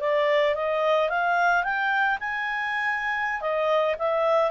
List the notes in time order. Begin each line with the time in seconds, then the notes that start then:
0.00 D5
0.55 D#5
1.09 F5
1.63 G5
2.20 G#5
3.41 D#5
3.98 E5